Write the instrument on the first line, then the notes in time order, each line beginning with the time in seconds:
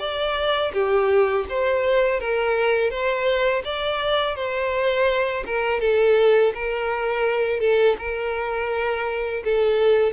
violin
0.00 D5
0.74 G4
1.50 C5
2.20 A#4
2.90 C5
3.65 D5
4.36 C5
5.46 A#4
5.81 A4
6.55 A#4
7.60 A4
7.99 A#4
9.44 A4